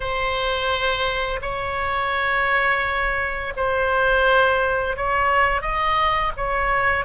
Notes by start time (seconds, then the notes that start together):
0.00 C5
1.41 C#5
3.56 C5
4.96 C#5
5.61 D#5
6.37 C#5